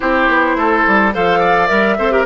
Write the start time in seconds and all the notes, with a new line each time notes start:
0.00 C4 E4 G4 C5
0.27 B3
0.55 A3 A4
0.87 G3
1.13 F3 A4 C5 F5
1.39 D5
1.67 G3 A#4 E5
1.98 C4 A4 C5
2.11 G4 A#4